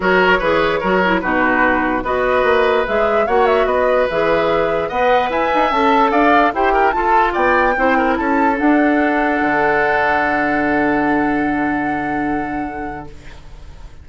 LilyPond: <<
  \new Staff \with { instrumentName = "flute" } { \time 4/4 \tempo 4 = 147 cis''2. b'4~ | b'4 dis''2 e''4 | fis''8 e''8 dis''4 e''2 | fis''4 gis''4 a''4 f''4 |
g''4 a''4 g''2 | a''4 fis''2.~ | fis''1~ | fis''1 | }
  \new Staff \with { instrumentName = "oboe" } { \time 4/4 ais'4 b'4 ais'4 fis'4~ | fis'4 b'2. | cis''4 b'2. | dis''4 e''2 d''4 |
c''8 ais'8 a'4 d''4 c''8 ais'8 | a'1~ | a'1~ | a'1 | }
  \new Staff \with { instrumentName = "clarinet" } { \time 4/4 fis'4 gis'4 fis'8 e'8 dis'4~ | dis'4 fis'2 gis'4 | fis'2 gis'2 | b'2 a'2 |
g'4 f'2 e'4~ | e'4 d'2.~ | d'1~ | d'1 | }
  \new Staff \with { instrumentName = "bassoon" } { \time 4/4 fis4 e4 fis4 b,4~ | b,4 b4 ais4 gis4 | ais4 b4 e2 | b4 e'8 dis'8 cis'4 d'4 |
e'4 f'4 b4 c'4 | cis'4 d'2 d4~ | d1~ | d1 | }
>>